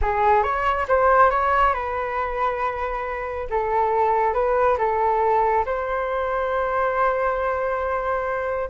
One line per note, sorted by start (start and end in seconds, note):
0.01 0.43 G#4
0.43 0.86 C#5
0.87 1.30 C5
1.30 1.73 C#5
1.73 3.47 B4
3.50 4.33 A4
4.33 4.77 B4
4.77 5.64 A4
5.65 8.69 C5